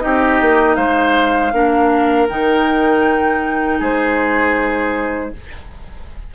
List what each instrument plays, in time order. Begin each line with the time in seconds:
0.00 bassoon C4, clarinet D#4, oboe G4, flute D#5
0.41 bassoon A#3
0.75 bassoon G#3, oboe C5, flute F5
1.53 bassoon A#3, clarinet D4, oboe A#4
2.29 bassoon D#3, clarinet D#4, flute G5
3.79 bassoon G#3, oboe G#4, flute C5